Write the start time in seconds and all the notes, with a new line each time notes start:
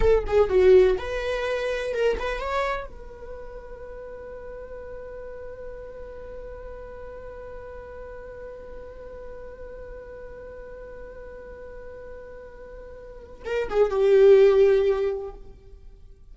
0.00 A4
0.26 G#4
0.49 F#4
0.98 B4
1.94 A#4
2.19 B4
2.40 C#5
2.86 B4
13.45 A#4
13.69 G#4
13.90 G4